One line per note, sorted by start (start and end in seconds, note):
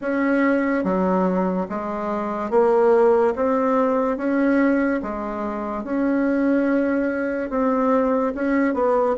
0.01 0.83 C#4
0.83 1.67 F#3
1.69 2.50 G#3
2.50 3.33 A#3
3.35 4.17 C4
4.17 5.00 C#4
5.02 5.83 G#3
5.83 7.50 C#4
7.50 8.33 C4
8.34 8.73 C#4
8.73 9.15 B3